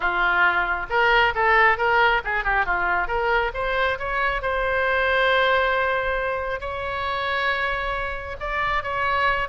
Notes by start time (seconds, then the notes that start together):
0.00 F4
0.89 A#4
1.35 A4
1.77 A#4
2.24 G#4
2.44 G4
2.65 F4
3.07 A#4
3.54 C5
3.98 C#5
4.42 C5
6.60 C#5
8.40 D5
8.83 C#5